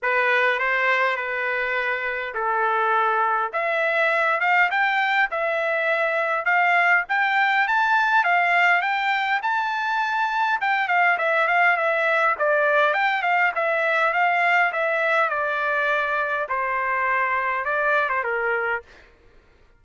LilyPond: \new Staff \with { instrumentName = "trumpet" } { \time 4/4 \tempo 4 = 102 b'4 c''4 b'2 | a'2 e''4. f''8 | g''4 e''2 f''4 | g''4 a''4 f''4 g''4 |
a''2 g''8 f''8 e''8 f''8 | e''4 d''4 g''8 f''8 e''4 | f''4 e''4 d''2 | c''2 d''8. c''16 ais'4 | }